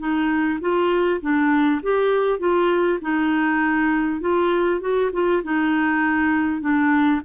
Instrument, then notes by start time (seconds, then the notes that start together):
clarinet
0.00 D#4
0.61 F4
1.22 D4
1.83 G4
2.40 F4
3.02 D#4
4.21 F4
4.81 F#4
5.13 F4
5.44 D#4
6.61 D4